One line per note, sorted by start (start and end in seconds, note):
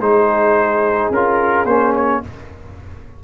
0.00 1.10 G#3
0.00 1.13 D#4
0.00 2.23 G#4
0.00 1.12 C5
1.10 1.65 C#4
1.10 1.67 F4
1.10 1.66 A#4
1.65 2.20 A#3
1.65 2.23 C#4
1.65 1.94 C5
1.96 2.24 C#5